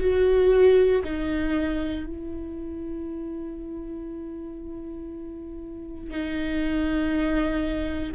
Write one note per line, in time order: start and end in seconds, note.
0.00 1.02 F#4
1.04 2.06 D#4
2.06 6.10 E4
6.10 8.13 D#4